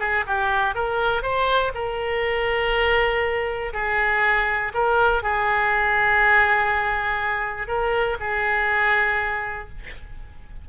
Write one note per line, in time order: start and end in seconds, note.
0.00 0.25 G#4
0.27 0.75 G4
0.75 1.23 A#4
1.23 1.72 C5
1.75 3.73 A#4
3.73 4.73 G#4
4.74 5.23 A#4
5.23 7.68 G#4
7.68 8.18 A#4
8.20 9.69 G#4